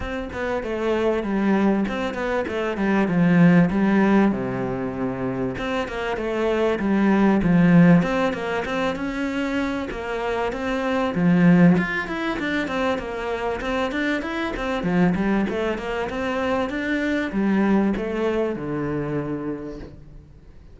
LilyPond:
\new Staff \with { instrumentName = "cello" } { \time 4/4 \tempo 4 = 97 c'8 b8 a4 g4 c'8 b8 | a8 g8 f4 g4 c4~ | c4 c'8 ais8 a4 g4 | f4 c'8 ais8 c'8 cis'4. |
ais4 c'4 f4 f'8 e'8 | d'8 c'8 ais4 c'8 d'8 e'8 c'8 | f8 g8 a8 ais8 c'4 d'4 | g4 a4 d2 | }